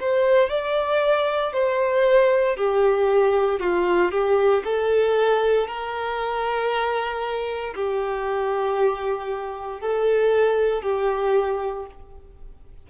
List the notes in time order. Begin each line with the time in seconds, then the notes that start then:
0.00 C5
0.49 D5
1.53 C5
2.56 G4
3.60 F4
4.11 G4
4.64 A4
5.67 A#4
7.74 G4
9.80 A4
10.82 G4